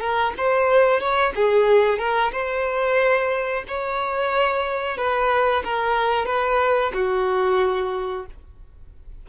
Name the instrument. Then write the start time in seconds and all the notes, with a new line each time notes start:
violin
0.00 A#4
0.37 C5
1.00 C#5
1.35 G#4
1.98 A#4
2.32 C5
3.67 C#5
4.97 B4
5.64 A#4
6.25 B4
6.94 F#4